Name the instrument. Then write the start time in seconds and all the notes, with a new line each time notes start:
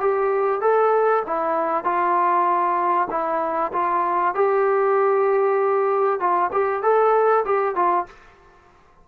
trombone
0.00 G4
0.61 A4
1.27 E4
1.84 F4
3.10 E4
3.73 F4
4.35 G4
6.20 F4
6.52 G4
6.82 A4
7.45 G4
7.75 F4